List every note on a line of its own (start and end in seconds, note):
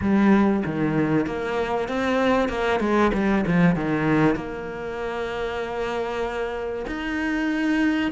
0.01 0.63 G3
0.65 1.26 D#3
1.26 1.88 A#3
1.88 2.48 C4
2.48 2.80 A#3
2.80 3.11 G#3
3.13 3.45 G3
3.46 3.75 F3
3.75 4.35 D#3
4.35 6.85 A#3
6.86 8.11 D#4